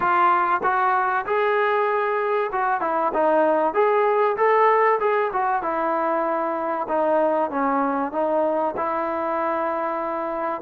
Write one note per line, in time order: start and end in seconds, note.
0.00 0.61 F4
0.63 1.25 F#4
1.26 2.51 G#4
2.52 2.81 F#4
2.81 3.12 E4
3.13 3.74 D#4
3.74 4.36 G#4
4.36 4.99 A4
4.99 5.31 G#4
5.32 5.62 F#4
5.62 6.87 E4
6.88 7.50 D#4
7.50 8.12 C#4
8.12 8.74 D#4
8.76 10.61 E4